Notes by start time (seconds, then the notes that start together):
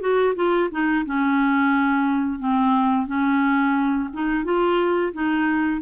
0.00 F#4
0.35 F4
0.71 D#4
1.05 C#4
2.39 C4
3.07 C#4
4.13 D#4
4.44 F4
5.13 D#4